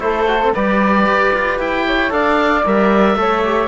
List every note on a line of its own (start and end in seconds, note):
0.00 0.53 A3
0.00 0.26 E4
0.00 0.54 A4
0.00 0.53 C5
0.28 0.41 F#4
0.42 0.55 C4
0.54 1.07 G3
0.54 2.10 G4
0.54 1.86 B4
0.54 1.60 D5
1.07 1.33 G4
1.34 1.59 F4
1.59 2.12 E4
1.59 2.13 G5
1.88 2.13 C#5
2.10 2.64 D4
2.10 2.62 A4
2.10 3.18 D5
2.10 2.65 F5
2.66 3.16 G3
2.66 3.18 A#4
2.66 3.68 E5
3.16 3.68 A3
3.16 3.44 A4
3.16 3.68 C#5
3.44 3.68 G4